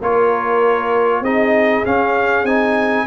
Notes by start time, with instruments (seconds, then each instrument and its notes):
0.00 tuba A#3, trombone F4, horn A#4, trumpet C#5
1.21 tuba C4, trombone D#4, horn G#4, trumpet D#5
1.85 trombone C#4, tuba C#4, trumpet F5
2.43 tuba C4, trombone D#4, trumpet G#5